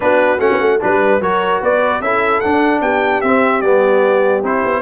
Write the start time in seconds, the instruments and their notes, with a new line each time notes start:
0.00 tuba B3, trombone D4, horn F#4, trumpet B4
0.39 tuba A3, trombone C#4, trumpet F#5
0.51 tuba B3
0.60 tuba A3
0.80 tuba G3, trombone D4, horn B4, trumpet B4
1.19 tuba F#3, trombone F#4, horn A#4, trumpet C#5
1.61 tuba B3, horn B4, trumpet D5
2.00 tuba C#4, trombone E4, horn A4, trumpet E5
2.40 trombone D4, tuba D4, trumpet F#5
2.80 tuba B3, horn G4, trumpet G5
3.21 tuba C4, trombone C4, trumpet E5
3.61 tuba G3, trombone B3, trumpet D5
4.42 tuba C4, trombone E4, trumpet C5
4.64 tuba B3